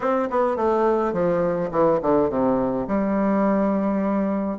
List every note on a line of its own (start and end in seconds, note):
0.00 0.29 C4
0.30 0.56 B3
0.56 1.12 A3
1.12 1.70 F3
1.71 1.99 E3
2.02 2.29 D3
2.29 2.86 C3
2.87 4.58 G3